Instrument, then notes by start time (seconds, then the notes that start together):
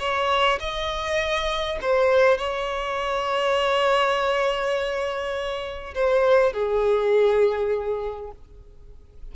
violin
0.00 C#5
0.60 D#5
1.82 C5
2.38 C#5
5.95 C5
6.53 G#4